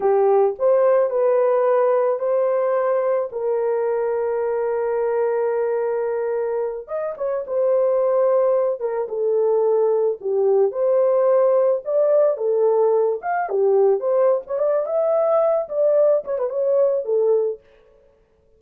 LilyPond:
\new Staff \with { instrumentName = "horn" } { \time 4/4 \tempo 4 = 109 g'4 c''4 b'2 | c''2 ais'2~ | ais'1~ | ais'8 dis''8 cis''8 c''2~ c''8 |
ais'8 a'2 g'4 c''8~ | c''4. d''4 a'4. | f''8 g'4 c''8. cis''16 d''8 e''4~ | e''8 d''4 cis''16 b'16 cis''4 a'4 | }